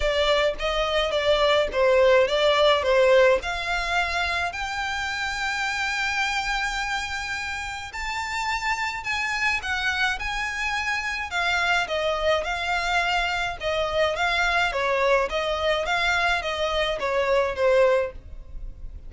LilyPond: \new Staff \with { instrumentName = "violin" } { \time 4/4 \tempo 4 = 106 d''4 dis''4 d''4 c''4 | d''4 c''4 f''2 | g''1~ | g''2 a''2 |
gis''4 fis''4 gis''2 | f''4 dis''4 f''2 | dis''4 f''4 cis''4 dis''4 | f''4 dis''4 cis''4 c''4 | }